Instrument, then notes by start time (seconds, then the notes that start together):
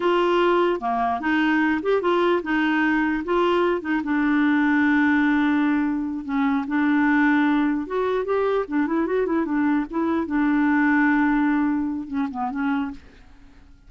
clarinet
0.00 F4
0.80 A#3
1.20 D#4
1.82 G4
2.01 F4
2.43 D#4
3.24 F4
3.81 D#4
4.03 D4
6.25 C#4
6.67 D4
7.86 F#4
8.25 G4
8.67 D4
8.86 E4
9.06 F#4
9.25 E4
9.45 D4
9.90 E4
10.26 D4
12.07 C#4
12.30 B3
12.50 C#4